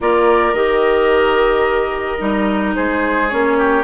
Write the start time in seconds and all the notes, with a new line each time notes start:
0.00 A#3 F4 A#4 D5
0.53 D#3 G4 D#5
2.18 G3 D#4
2.74 G#3 G#4 C5
3.29 A#3 C#4 C#5
3.58 G4